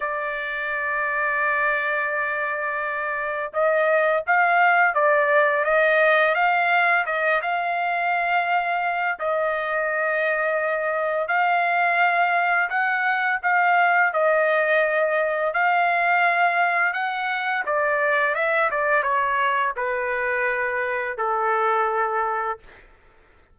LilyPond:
\new Staff \with { instrumentName = "trumpet" } { \time 4/4 \tempo 4 = 85 d''1~ | d''4 dis''4 f''4 d''4 | dis''4 f''4 dis''8 f''4.~ | f''4 dis''2. |
f''2 fis''4 f''4 | dis''2 f''2 | fis''4 d''4 e''8 d''8 cis''4 | b'2 a'2 | }